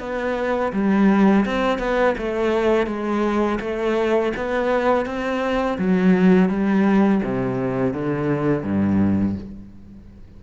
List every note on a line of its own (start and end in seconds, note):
0.00 0.72 B3
0.73 1.45 G3
1.45 1.79 C4
1.79 2.15 B3
2.18 2.87 A3
2.87 3.59 G#3
3.60 4.33 A3
4.36 5.06 B3
5.06 5.78 C4
5.78 6.49 F#3
6.49 7.22 G3
7.24 7.94 C3
7.94 8.63 D3
8.63 9.35 G2